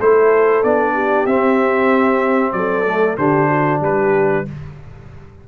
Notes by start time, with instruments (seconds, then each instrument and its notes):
0.00 tuba A3, trombone E4, horn A4, trumpet C5
0.64 tuba B3, trombone D4, trumpet D5
0.94 horn G4
1.26 tuba C4, trombone C4, trumpet E5
2.53 tuba F#3, horn A4, trumpet D5
2.87 trombone A3
3.18 tuba D3, trombone D4, horn G4, trumpet C5
3.49 horn F#4
3.81 tuba G3, horn G4, trumpet B4